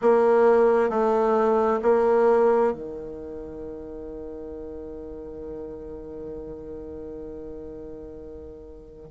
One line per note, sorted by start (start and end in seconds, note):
0.01 0.89 A#3
0.89 1.80 A3
1.82 2.72 A#3
2.72 9.09 D#3